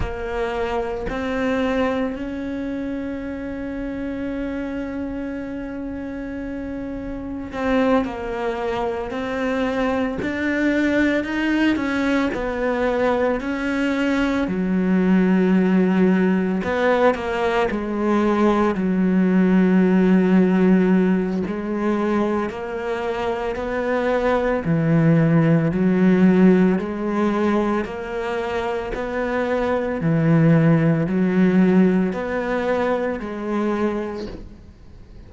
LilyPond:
\new Staff \with { instrumentName = "cello" } { \time 4/4 \tempo 4 = 56 ais4 c'4 cis'2~ | cis'2. c'8 ais8~ | ais8 c'4 d'4 dis'8 cis'8 b8~ | b8 cis'4 fis2 b8 |
ais8 gis4 fis2~ fis8 | gis4 ais4 b4 e4 | fis4 gis4 ais4 b4 | e4 fis4 b4 gis4 | }